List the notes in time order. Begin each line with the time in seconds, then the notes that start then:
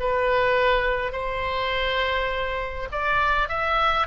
0.00 B4
1.13 C5
2.92 D5
3.49 E5